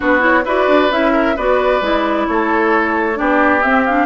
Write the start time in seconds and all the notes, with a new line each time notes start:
0.00 B3 D4 F#4 B4
0.19 E4 C#5
0.44 E4 F#4 B4 D5
0.67 D4
0.90 C#4 E4 E5
1.12 A#4
1.36 B3 F#4 B4 D5
1.81 G#3 E4
2.27 A3 A4 C#5
3.14 B3 D4 G4 D5
3.62 C4 E5
3.85 D4 F5